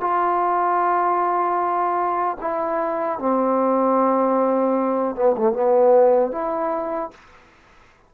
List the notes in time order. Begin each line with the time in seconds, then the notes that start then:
0.00 F4
2.40 E4
3.19 C4
5.15 B3
5.37 A3
5.52 B3
6.31 E4